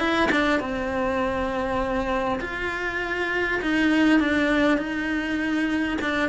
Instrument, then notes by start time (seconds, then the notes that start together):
cello
0.00 E4
0.32 D4
0.60 C4
2.42 F4
3.62 D#4
4.20 D4
4.78 D#4
6.02 D4